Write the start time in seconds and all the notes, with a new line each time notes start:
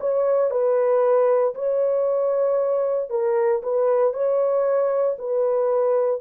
0.00 C#5
0.51 B4
1.55 C#5
3.10 A#4
3.63 B4
4.13 C#5
5.19 B4